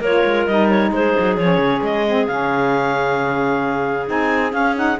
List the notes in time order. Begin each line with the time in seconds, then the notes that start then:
0.00 A#3 F4 A#4 C#5
0.25 G#3
0.46 G3 D#4 D#5
0.70 C#5
0.91 G#3 G#4 C5
1.19 F#3
1.37 F3 C#4 C#5
1.58 C#3
1.82 G#3 D#5
2.08 C4
2.27 C#3 C#4 F5
4.06 C4 D#4 G#5
4.52 C#4 F5
4.76 D#4 F#5